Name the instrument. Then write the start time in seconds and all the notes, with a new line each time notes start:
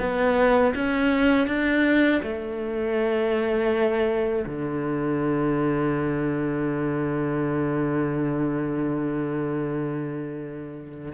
cello
0.00 B3
0.75 C#4
1.47 D4
2.23 A3
4.46 D3